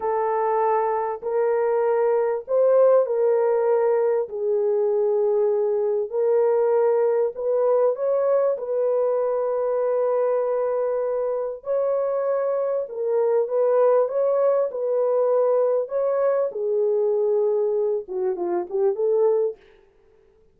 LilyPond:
\new Staff \with { instrumentName = "horn" } { \time 4/4 \tempo 4 = 98 a'2 ais'2 | c''4 ais'2 gis'4~ | gis'2 ais'2 | b'4 cis''4 b'2~ |
b'2. cis''4~ | cis''4 ais'4 b'4 cis''4 | b'2 cis''4 gis'4~ | gis'4. fis'8 f'8 g'8 a'4 | }